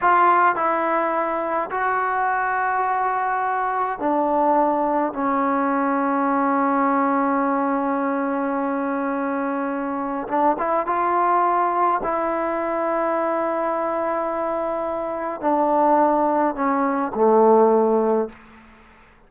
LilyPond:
\new Staff \with { instrumentName = "trombone" } { \time 4/4 \tempo 4 = 105 f'4 e'2 fis'4~ | fis'2. d'4~ | d'4 cis'2.~ | cis'1~ |
cis'2 d'8 e'8 f'4~ | f'4 e'2.~ | e'2. d'4~ | d'4 cis'4 a2 | }